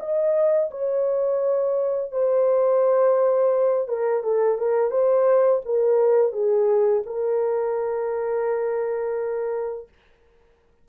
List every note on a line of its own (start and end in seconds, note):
0.00 0.71 D#5
0.71 2.12 C#5
2.12 3.88 C5
3.88 4.24 A#4
4.24 4.58 A4
4.58 4.91 A#4
4.91 5.61 C5
5.66 6.33 A#4
6.33 7.03 G#4
7.07 9.89 A#4